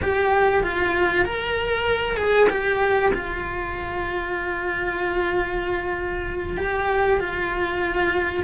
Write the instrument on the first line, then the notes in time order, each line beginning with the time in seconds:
cello
0.02 G4
0.62 F4
1.25 A#4
2.16 G#4
2.49 G4
3.13 F4
6.57 G4
7.20 F4